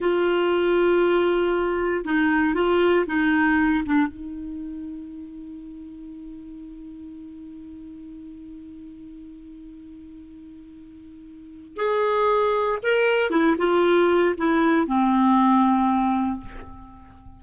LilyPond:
\new Staff \with { instrumentName = "clarinet" } { \time 4/4 \tempo 4 = 117 f'1 | dis'4 f'4 dis'4. d'8 | dis'1~ | dis'1~ |
dis'1~ | dis'2. gis'4~ | gis'4 ais'4 e'8 f'4. | e'4 c'2. | }